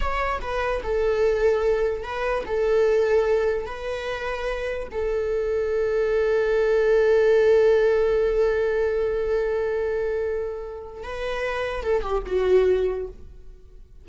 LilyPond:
\new Staff \with { instrumentName = "viola" } { \time 4/4 \tempo 4 = 147 cis''4 b'4 a'2~ | a'4 b'4 a'2~ | a'4 b'2. | a'1~ |
a'1~ | a'1~ | a'2. b'4~ | b'4 a'8 g'8 fis'2 | }